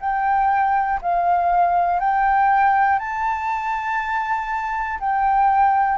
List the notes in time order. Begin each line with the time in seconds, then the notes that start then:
0.00 G5
1.02 F5
2.00 G5
3.00 A5
5.00 G5